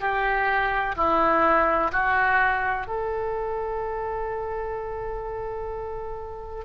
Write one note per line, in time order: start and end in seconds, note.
0.00 0.95 G4
0.96 1.91 E4
1.92 2.87 F#4
2.87 6.65 A4